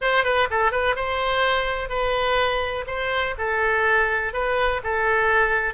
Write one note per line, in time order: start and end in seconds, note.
0.01 0.24 C5
0.24 0.48 B4
0.50 0.71 A4
0.71 0.95 B4
0.95 1.89 C5
1.89 2.85 B4
2.86 3.34 C5
3.38 4.33 A4
4.33 4.81 B4
4.83 5.74 A4